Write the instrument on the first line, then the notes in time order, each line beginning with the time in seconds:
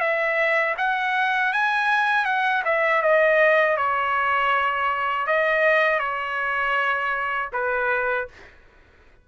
trumpet
0.00 E5
0.78 F#5
1.53 G#5
2.25 F#5
2.65 E5
3.02 D#5
3.77 C#5
5.27 D#5
5.99 C#5
7.53 B4